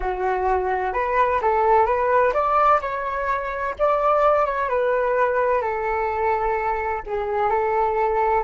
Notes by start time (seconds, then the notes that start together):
0.00 F#4
0.93 B4
1.41 A4
1.85 B4
2.33 D5
2.81 C#5
3.78 D5
4.45 C#5
4.69 B4
5.61 A4
7.06 G#4
7.50 A4